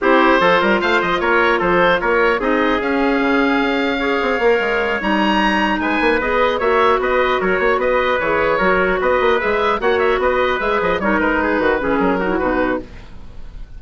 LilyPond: <<
  \new Staff \with { instrumentName = "oboe" } { \time 4/4 \tempo 4 = 150 c''2 f''8 dis''8 cis''4 | c''4 cis''4 dis''4 f''4~ | f''1~ | f''8 ais''2 gis''4 dis''8~ |
dis''8 e''4 dis''4 cis''4 dis''8~ | dis''8 cis''2 dis''4 e''8~ | e''8 fis''8 e''8 dis''4 e''8 dis''8 cis''8 | b'2 ais'4 b'4 | }
  \new Staff \with { instrumentName = "trumpet" } { \time 4/4 g'4 a'8 ais'8 c''4 ais'4 | a'4 ais'4 gis'2~ | gis'2 cis''2~ | cis''2~ cis''8 b'4.~ |
b'8 cis''4 b'4 ais'8 cis''8 b'8~ | b'4. ais'4 b'4.~ | b'8 cis''4 b'2 ais'8~ | ais'8 gis'8 fis'8 gis'4 fis'4. | }
  \new Staff \with { instrumentName = "clarinet" } { \time 4/4 e'4 f'2.~ | f'2 dis'4 cis'4~ | cis'2 gis'4 ais'4~ | ais'8 dis'2. gis'8~ |
gis'8 fis'2.~ fis'8~ | fis'8 gis'4 fis'2 gis'8~ | gis'8 fis'2 gis'4 dis'8~ | dis'4. cis'4 dis'16 e'16 dis'4 | }
  \new Staff \with { instrumentName = "bassoon" } { \time 4/4 c'4 f8 g8 a8 f8 ais4 | f4 ais4 c'4 cis'4 | cis4 cis'4. c'8 ais8 gis8~ | gis8 g2 gis8 ais8 b8~ |
b8 ais4 b4 fis8 ais8 b8~ | b8 e4 fis4 b8 ais8 gis8~ | gis8 ais4 b4 gis8 f8 g8 | gis4 dis8 e8 fis4 b,4 | }
>>